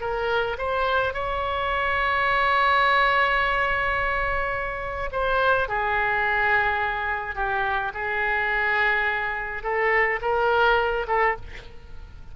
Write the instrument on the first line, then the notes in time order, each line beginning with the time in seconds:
oboe
0.00 A#4
0.58 C5
1.13 C#5
5.11 C5
5.68 G#4
7.35 G4
7.94 G#4
9.63 A4
10.21 A#4
11.07 A4